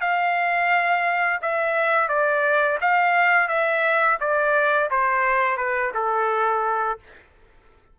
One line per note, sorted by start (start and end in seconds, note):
0.00 1.40 F5
1.41 2.08 E5
2.08 2.78 D5
2.81 3.48 F5
3.48 4.18 E5
4.20 4.90 D5
4.90 5.57 C5
5.57 5.91 B4
5.94 6.99 A4